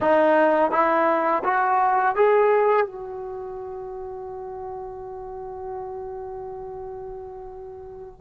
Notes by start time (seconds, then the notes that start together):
0.00 D#4
0.71 E4
1.44 F#4
2.15 G#4
2.86 F#4